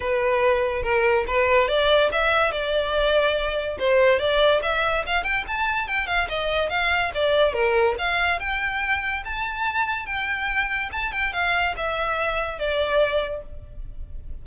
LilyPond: \new Staff \with { instrumentName = "violin" } { \time 4/4 \tempo 4 = 143 b'2 ais'4 b'4 | d''4 e''4 d''2~ | d''4 c''4 d''4 e''4 | f''8 g''8 a''4 g''8 f''8 dis''4 |
f''4 d''4 ais'4 f''4 | g''2 a''2 | g''2 a''8 g''8 f''4 | e''2 d''2 | }